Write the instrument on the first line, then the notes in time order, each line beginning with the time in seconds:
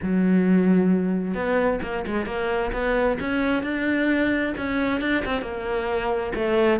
cello
0.02 F#3
1.34 B3
1.82 A#3
2.07 G#3
2.26 A#3
2.72 B3
3.19 C#4
3.62 D4
4.57 C#4
5.01 D4
5.25 C4
5.41 A#3
6.35 A3